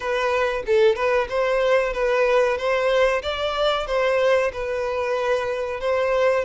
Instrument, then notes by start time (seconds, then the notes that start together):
violin
0.00 B4
0.66 A4
0.95 B4
1.29 C5
1.93 B4
2.57 C5
3.22 D5
3.87 C5
4.52 B4
5.80 C5